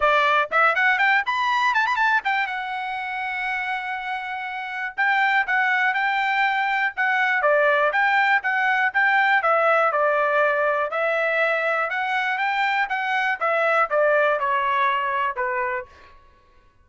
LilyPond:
\new Staff \with { instrumentName = "trumpet" } { \time 4/4 \tempo 4 = 121 d''4 e''8 fis''8 g''8 b''4 a''16 b''16 | a''8 g''8 fis''2.~ | fis''2 g''4 fis''4 | g''2 fis''4 d''4 |
g''4 fis''4 g''4 e''4 | d''2 e''2 | fis''4 g''4 fis''4 e''4 | d''4 cis''2 b'4 | }